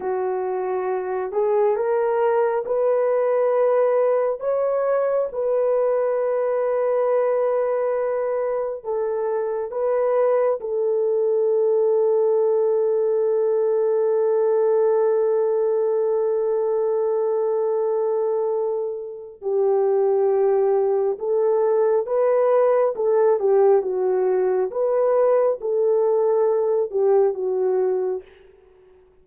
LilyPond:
\new Staff \with { instrumentName = "horn" } { \time 4/4 \tempo 4 = 68 fis'4. gis'8 ais'4 b'4~ | b'4 cis''4 b'2~ | b'2 a'4 b'4 | a'1~ |
a'1~ | a'2 g'2 | a'4 b'4 a'8 g'8 fis'4 | b'4 a'4. g'8 fis'4 | }